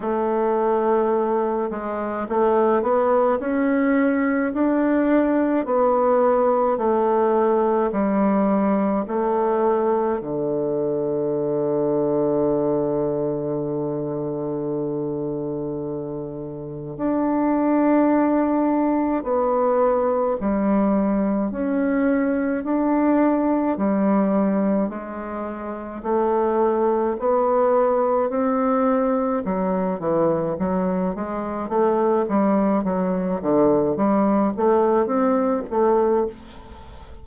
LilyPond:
\new Staff \with { instrumentName = "bassoon" } { \time 4/4 \tempo 4 = 53 a4. gis8 a8 b8 cis'4 | d'4 b4 a4 g4 | a4 d2.~ | d2. d'4~ |
d'4 b4 g4 cis'4 | d'4 g4 gis4 a4 | b4 c'4 fis8 e8 fis8 gis8 | a8 g8 fis8 d8 g8 a8 c'8 a8 | }